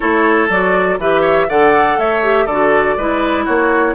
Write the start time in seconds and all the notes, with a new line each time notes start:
0.00 A3 E4 A4 C#5
0.49 F#3 F#4 D5
0.98 E3 G4 B4 E5
1.21 C#5
1.48 D3 A4 D5 F#5
1.98 A3 C#5 E5
2.22 G4
2.45 D3 F#4 A4 D5
2.97 G#3 E4 B4
3.45 A#3 F#4 C#5